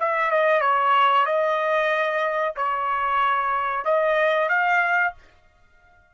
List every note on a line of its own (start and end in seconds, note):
0.00 0.31 E5
0.31 0.62 D#5
0.62 1.26 C#5
1.26 2.55 D#5
2.57 3.86 C#5
3.86 4.50 D#5
4.50 5.14 F5